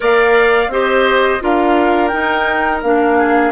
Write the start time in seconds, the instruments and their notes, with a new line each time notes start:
0.00 bassoon A#3, clarinet A#4, oboe D5, flute F5
0.67 bassoon C4, clarinet G4, oboe C5, flute D#5
1.40 bassoon D4, clarinet F4, oboe A#4, flute F5
2.07 clarinet D#4, bassoon D#4, flute G5
2.82 bassoon A#3, clarinet D4, flute F5
3.18 oboe G#4